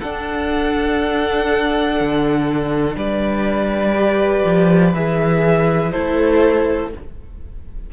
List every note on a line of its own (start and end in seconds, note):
0.00 3.94 D4
0.00 2.00 D4
0.00 2.95 A4
0.00 2.96 F#5
2.00 2.96 D3
2.96 4.43 G3
2.96 5.91 B4
2.96 4.94 D5
3.94 4.93 G4
4.44 4.93 F3
4.94 5.92 E3
4.94 5.92 G#4
4.94 5.92 E5
5.91 6.93 A3
5.91 6.90 E4
5.91 6.90 A4
5.91 6.90 C5